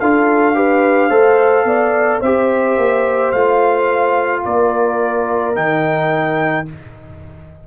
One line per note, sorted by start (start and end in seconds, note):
0.00 1.10 D4
0.00 0.55 F4
0.00 0.56 A4
0.00 2.22 F5
0.55 1.10 G4
0.55 1.09 B4
1.09 1.65 A3
1.09 2.21 A4
1.09 1.65 C5
1.65 2.20 B3
1.65 2.20 D5
2.20 2.77 C4
2.20 3.35 G4
2.20 4.42 C5
2.20 3.32 E5
2.77 3.32 A#3
3.32 4.44 A3
3.32 5.55 F4
3.32 4.43 F5
4.45 5.56 A#3
4.45 6.67 A#4
4.45 5.56 D5
5.55 6.67 D#3
5.55 6.66 D#4
5.55 6.67 G5